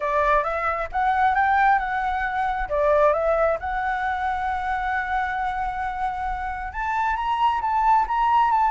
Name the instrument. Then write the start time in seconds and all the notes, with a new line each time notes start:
flute
0.00 D5
0.43 E5
0.92 F#5
1.34 G5
1.78 F#5
2.69 D5
3.13 E5
3.59 F#5
6.72 A5
7.16 A#5
7.61 A5
8.07 A#5
8.51 A5